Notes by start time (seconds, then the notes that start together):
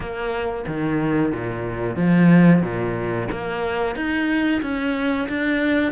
0.00 A#3
0.67 D#3
1.32 A#2
1.95 F3
2.62 A#2
3.31 A#3
3.95 D#4
4.62 C#4
5.29 D4